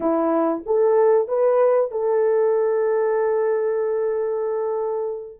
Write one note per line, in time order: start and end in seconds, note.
0.00 0.63 E4
0.66 1.28 A4
1.28 1.91 B4
1.91 5.40 A4